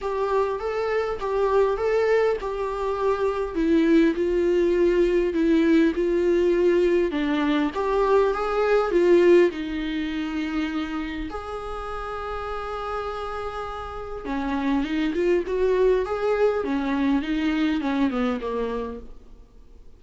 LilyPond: \new Staff \with { instrumentName = "viola" } { \time 4/4 \tempo 4 = 101 g'4 a'4 g'4 a'4 | g'2 e'4 f'4~ | f'4 e'4 f'2 | d'4 g'4 gis'4 f'4 |
dis'2. gis'4~ | gis'1 | cis'4 dis'8 f'8 fis'4 gis'4 | cis'4 dis'4 cis'8 b8 ais4 | }